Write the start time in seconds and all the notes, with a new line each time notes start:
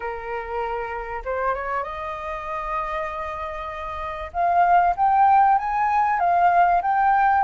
0.00 A#4
1.25 C5
1.54 C#5
1.83 D#5
4.33 F5
4.96 G5
5.58 G#5
6.19 F5
6.82 G5